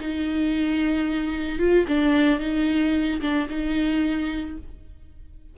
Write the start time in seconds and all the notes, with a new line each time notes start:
0.00 D#4
1.59 F4
1.88 D4
2.40 D#4
3.21 D4
3.49 D#4